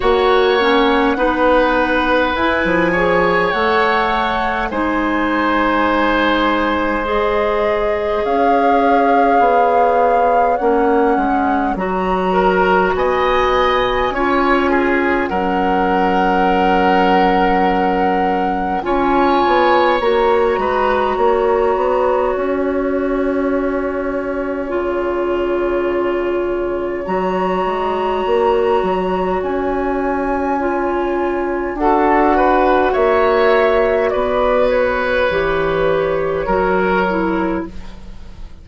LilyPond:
<<
  \new Staff \with { instrumentName = "flute" } { \time 4/4 \tempo 4 = 51 fis''2 gis''4 fis''4 | gis''2 dis''4 f''4~ | f''4 fis''4 ais''4 gis''4~ | gis''4 fis''2. |
gis''4 ais''2 gis''4~ | gis''2. ais''4~ | ais''4 gis''2 fis''4 | e''4 d''8 cis''2~ cis''8 | }
  \new Staff \with { instrumentName = "oboe" } { \time 4/4 cis''4 b'4. cis''4. | c''2. cis''4~ | cis''2~ cis''8 ais'8 dis''4 | cis''8 gis'8 ais'2. |
cis''4. b'8 cis''2~ | cis''1~ | cis''2. a'8 b'8 | cis''4 b'2 ais'4 | }
  \new Staff \with { instrumentName = "clarinet" } { \time 4/4 fis'8 cis'8 dis'4 e'8 gis'8 a'4 | dis'2 gis'2~ | gis'4 cis'4 fis'2 | f'4 cis'2. |
f'4 fis'2.~ | fis'4 f'2 fis'4~ | fis'2 f'4 fis'4~ | fis'2 g'4 fis'8 e'8 | }
  \new Staff \with { instrumentName = "bassoon" } { \time 4/4 ais4 b4 e'16 f8. a4 | gis2. cis'4 | b4 ais8 gis8 fis4 b4 | cis'4 fis2. |
cis'8 b8 ais8 gis8 ais8 b8 cis'4~ | cis'4 cis2 fis8 gis8 | ais8 fis8 cis'2 d'4 | ais4 b4 e4 fis4 | }
>>